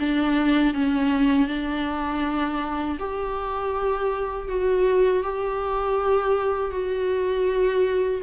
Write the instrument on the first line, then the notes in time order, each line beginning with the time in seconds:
viola
0.00 D4
0.74 C#4
1.48 D4
3.00 G4
4.49 F#4
5.23 G4
6.71 F#4